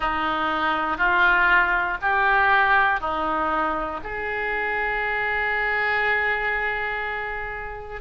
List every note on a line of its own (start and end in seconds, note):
0.00 0.97 D#4
0.97 1.97 F4
2.01 3.00 G4
3.00 4.00 D#4
4.03 8.01 G#4